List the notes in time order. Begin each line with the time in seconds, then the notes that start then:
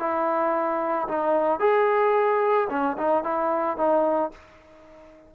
0.00 E4
1.08 D#4
1.60 G#4
2.70 C#4
2.98 D#4
3.24 E4
3.77 D#4